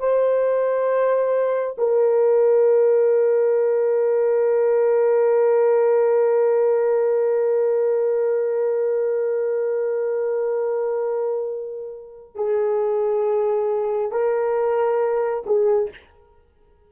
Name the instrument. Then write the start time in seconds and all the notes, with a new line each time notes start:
horn
0.00 C5
1.78 A#4
12.35 G#4
14.12 A#4
15.47 G#4